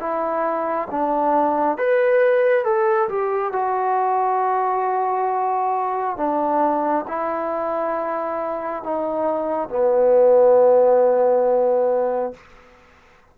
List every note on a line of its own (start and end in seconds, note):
0.00 0.88 E4
0.91 1.78 D4
1.78 2.65 B4
2.65 3.09 A4
3.09 3.53 G4
3.53 6.17 F#4
6.17 7.05 D4
7.07 8.83 E4
8.83 9.69 D#4
9.69 12.34 B3